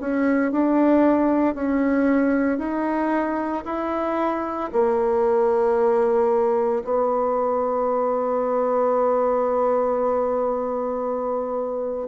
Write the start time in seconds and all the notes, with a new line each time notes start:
0.00 C#4
0.52 D4
1.55 C#4
2.58 D#4
3.65 E4
4.73 A#3
6.84 B3